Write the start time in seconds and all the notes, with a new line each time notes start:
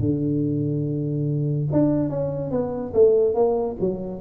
0.00 D3
1.72 D4
2.10 C#4
2.51 B3
2.94 A3
3.35 A#3
3.80 F#3